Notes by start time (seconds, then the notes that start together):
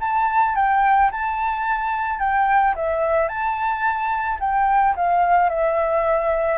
0.00 A5
0.55 G5
1.11 A5
2.19 G5
2.75 E5
3.28 A5
4.39 G5
4.96 F5
5.49 E5